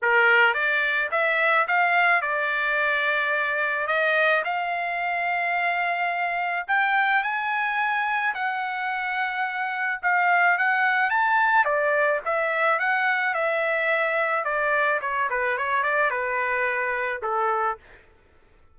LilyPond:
\new Staff \with { instrumentName = "trumpet" } { \time 4/4 \tempo 4 = 108 ais'4 d''4 e''4 f''4 | d''2. dis''4 | f''1 | g''4 gis''2 fis''4~ |
fis''2 f''4 fis''4 | a''4 d''4 e''4 fis''4 | e''2 d''4 cis''8 b'8 | cis''8 d''8 b'2 a'4 | }